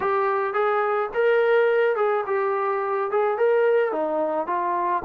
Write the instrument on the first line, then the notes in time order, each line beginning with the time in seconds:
trombone
0.00 G4
0.53 G#4
1.14 A#4
1.96 G#4
2.26 G4
3.10 G#4
3.37 A#4
3.92 D#4
4.47 F4